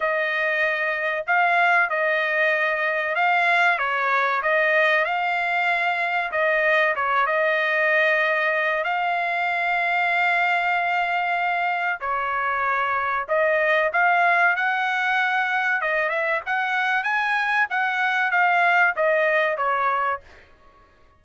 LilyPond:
\new Staff \with { instrumentName = "trumpet" } { \time 4/4 \tempo 4 = 95 dis''2 f''4 dis''4~ | dis''4 f''4 cis''4 dis''4 | f''2 dis''4 cis''8 dis''8~ | dis''2 f''2~ |
f''2. cis''4~ | cis''4 dis''4 f''4 fis''4~ | fis''4 dis''8 e''8 fis''4 gis''4 | fis''4 f''4 dis''4 cis''4 | }